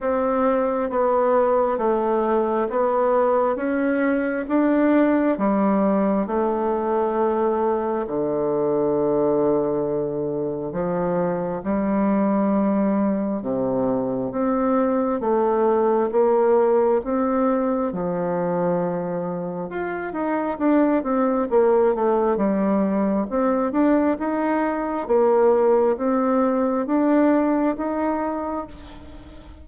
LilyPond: \new Staff \with { instrumentName = "bassoon" } { \time 4/4 \tempo 4 = 67 c'4 b4 a4 b4 | cis'4 d'4 g4 a4~ | a4 d2. | f4 g2 c4 |
c'4 a4 ais4 c'4 | f2 f'8 dis'8 d'8 c'8 | ais8 a8 g4 c'8 d'8 dis'4 | ais4 c'4 d'4 dis'4 | }